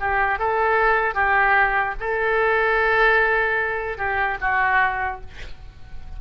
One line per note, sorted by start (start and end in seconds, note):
0.00 0.39 G4
0.39 1.15 A4
1.15 1.95 G4
2.00 3.98 A4
3.98 4.38 G4
4.41 5.21 F#4